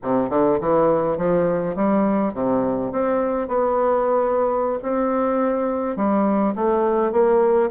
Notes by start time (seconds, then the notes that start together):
0.03 C3
0.29 D3
0.60 E3
1.17 F3
1.75 G3
2.33 C3
2.92 C4
3.48 B3
4.82 C4
5.96 G3
6.55 A3
7.11 A#3